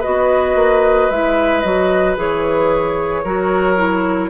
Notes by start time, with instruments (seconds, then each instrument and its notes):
0.00 clarinet F#4, oboe B4, flute D#5
0.06 bassoon B3
0.55 bassoon A#3
1.10 bassoon G#3, clarinet E4, flute E5
1.61 bassoon F#3, clarinet F#4, flute D#5
2.16 bassoon E3, clarinet G#4, flute C#5
3.24 bassoon F#3, clarinet F#4, oboe A#4
3.76 clarinet E4